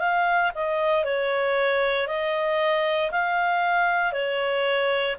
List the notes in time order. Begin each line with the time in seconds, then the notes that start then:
0.00 F5
0.55 D#5
1.05 C#5
2.07 D#5
3.11 F5
4.13 C#5